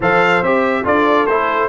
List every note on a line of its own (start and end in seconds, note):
0.00 0.41 F3
0.00 0.44 A4
0.00 0.82 C5
0.00 0.43 F5
0.41 0.84 C4
0.41 0.84 G4
0.41 0.85 E5
0.84 1.26 D4
0.84 1.26 F4
0.84 1.69 A4
0.84 1.26 D5
1.26 1.69 A3
1.26 1.69 E4
1.26 1.69 C5